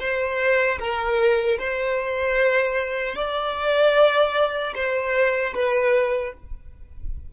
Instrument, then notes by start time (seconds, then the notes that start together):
violin
0.00 C5
0.79 A#4
1.59 C5
3.16 D5
4.75 C5
5.54 B4